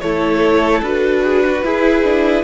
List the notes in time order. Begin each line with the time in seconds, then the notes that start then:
0.00 A3 E4 A4 C#5
0.82 D4 F#4 B4
1.23 G#4
1.45 F#4
1.63 E4 G#4
2.03 D4